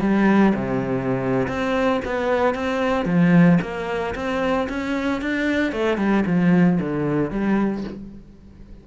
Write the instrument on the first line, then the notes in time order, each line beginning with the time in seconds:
cello
0.00 G3
0.54 C3
1.48 C4
2.05 B3
2.55 C4
3.05 F3
3.61 A#3
4.15 C4
4.69 C#4
5.21 D4
5.72 A3
5.97 G3
6.26 F3
6.80 D3
7.31 G3